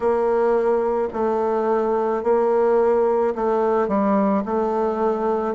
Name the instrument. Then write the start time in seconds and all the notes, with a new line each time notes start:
bassoon
0.00 A#3
1.13 A3
2.23 A#3
3.35 A3
3.88 G3
4.44 A3